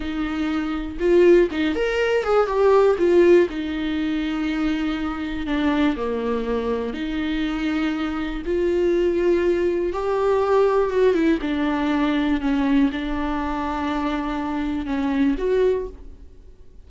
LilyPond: \new Staff \with { instrumentName = "viola" } { \time 4/4 \tempo 4 = 121 dis'2 f'4 dis'8 ais'8~ | ais'8 gis'8 g'4 f'4 dis'4~ | dis'2. d'4 | ais2 dis'2~ |
dis'4 f'2. | g'2 fis'8 e'8 d'4~ | d'4 cis'4 d'2~ | d'2 cis'4 fis'4 | }